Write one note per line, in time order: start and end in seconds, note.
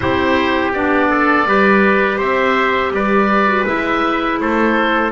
0.00 0.73 C4
0.00 0.73 E4
0.00 1.10 G4
0.00 0.71 C5
0.73 1.45 B3
0.73 1.46 D4
0.73 2.19 D5
1.10 1.46 A4
1.45 2.18 G3
1.45 3.47 G4
1.45 2.17 B4
2.17 2.91 C4
2.17 2.91 C5
2.17 2.92 E5
2.91 3.64 G3
2.91 4.41 B4
2.91 3.66 D5
3.47 3.65 F#4
3.66 4.39 G#3
3.66 5.12 E4
3.66 4.39 E5
4.39 5.12 A3
4.39 5.12 A4
4.39 5.12 C5